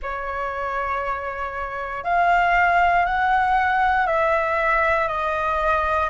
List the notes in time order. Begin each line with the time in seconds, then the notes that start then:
0.02 C#5
2.03 F5
3.05 F#5
4.06 E5
5.08 D#5